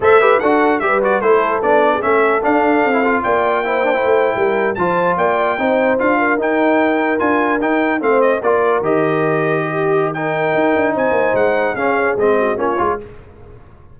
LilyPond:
<<
  \new Staff \with { instrumentName = "trumpet" } { \time 4/4 \tempo 4 = 148 e''4 fis''4 e''8 d''8 c''4 | d''4 e''4 f''2 | g''2.~ g''8. a''16~ | a''8. g''2 f''4 g''16~ |
g''4.~ g''16 gis''4 g''4 f''16~ | f''16 dis''8 d''4 dis''2~ dis''16~ | dis''4 g''2 gis''4 | fis''4 f''4 dis''4 cis''4 | }
  \new Staff \with { instrumentName = "horn" } { \time 4/4 c''8 b'8 a'4 b'4 a'4~ | a'8. gis'16 a'2. | d''4 c''4.~ c''16 ais'4 c''16~ | c''8. d''4 c''4. ais'8.~ |
ais'2.~ ais'8. c''16~ | c''8. ais'2. g'16~ | g'4 ais'2 c''4~ | c''4 gis'4. fis'8 f'4 | }
  \new Staff \with { instrumentName = "trombone" } { \time 4/4 a'8 g'8 fis'4 g'8 fis'8 e'4 | d'4 cis'4 d'4~ d'16 e'16 f'8~ | f'4 e'8 d'16 e'2 f'16~ | f'4.~ f'16 dis'4 f'4 dis'16~ |
dis'4.~ dis'16 f'4 dis'4 c'16~ | c'8. f'4 g'2~ g'16~ | g'4 dis'2.~ | dis'4 cis'4 c'4 cis'8 f'8 | }
  \new Staff \with { instrumentName = "tuba" } { \time 4/4 a4 d'4 g4 a4 | b4 a4 d'4 c'4 | ais2 a8. g4 f16~ | f8. ais4 c'4 d'4 dis'16~ |
dis'4.~ dis'16 d'4 dis'4 a16~ | a8. ais4 dis2~ dis16~ | dis2 dis'8 d'8 c'8 ais8 | gis4 cis'4 gis4 ais8 gis8 | }
>>